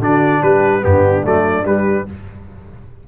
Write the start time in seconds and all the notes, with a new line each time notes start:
0.00 D3 D4 F#4 D5
0.42 G3 G4 B4
0.81 G2 B3 D4 G4
1.24 F#3 A3 D5
1.65 G3 B4